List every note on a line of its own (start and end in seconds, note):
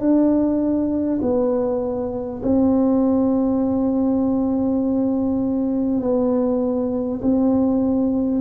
0.00 1.20 D4
1.22 2.42 B3
2.43 6.01 C4
6.01 7.21 B3
7.22 8.42 C4